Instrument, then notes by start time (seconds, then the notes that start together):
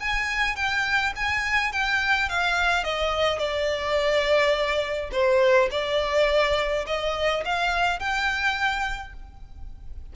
violin
0.00 G#5
0.56 G5
1.16 G#5
1.73 G5
2.29 F5
2.84 D#5
3.39 D5
5.12 C5
5.71 D5
6.87 D#5
7.45 F5
7.99 G5